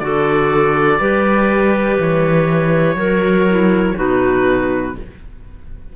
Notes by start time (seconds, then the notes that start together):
0.00 D3 F#4 A4 D5
1.00 G3 G4 B4
1.99 E3 C#5
2.95 F#3 F#4 A#4
3.50 E4
3.95 B2 D#4 F#4 B4